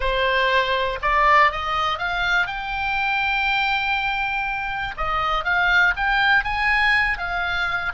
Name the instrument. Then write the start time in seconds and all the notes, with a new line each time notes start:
oboe
0.00 C5
1.02 D5
1.51 D#5
1.98 F5
2.46 G5
4.97 D#5
5.44 F5
5.96 G5
6.43 G#5
7.18 F5